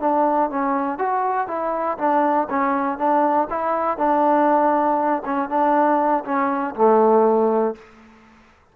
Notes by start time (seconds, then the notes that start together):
0.00 D4
0.50 C#4
0.98 F#4
1.47 E4
1.98 D4
2.50 C#4
2.98 D4
3.50 E4
3.98 D4
5.25 C#4
5.49 D4
6.25 C#4
6.75 A3